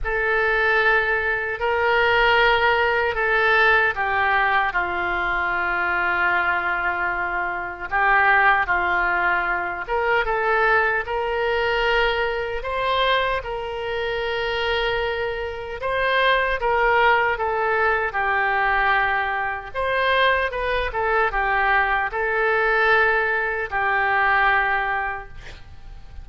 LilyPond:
\new Staff \with { instrumentName = "oboe" } { \time 4/4 \tempo 4 = 76 a'2 ais'2 | a'4 g'4 f'2~ | f'2 g'4 f'4~ | f'8 ais'8 a'4 ais'2 |
c''4 ais'2. | c''4 ais'4 a'4 g'4~ | g'4 c''4 b'8 a'8 g'4 | a'2 g'2 | }